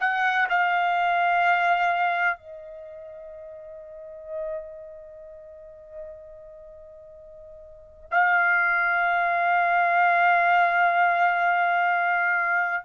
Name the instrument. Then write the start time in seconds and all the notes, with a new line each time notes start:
trumpet
0.00 F#5
0.49 F5
2.37 D#5
8.11 F5